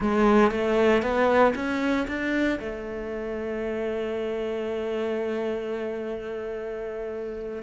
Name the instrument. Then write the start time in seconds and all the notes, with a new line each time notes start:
cello
0.00 G#3
0.51 A3
1.02 B3
1.55 C#4
2.07 D4
2.59 A3